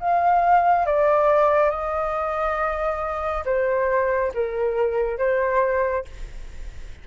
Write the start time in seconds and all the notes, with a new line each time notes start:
0.00 F5
0.86 D5
1.70 D#5
3.45 C5
4.34 A#4
5.18 C5